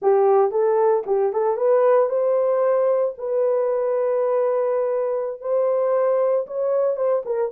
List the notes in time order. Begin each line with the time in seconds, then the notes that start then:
0.01 G4
0.51 A4
1.06 G4
1.32 A4
1.56 B4
2.09 C5
3.18 B4
5.41 C5
6.46 C#5
6.96 C5
7.25 A#4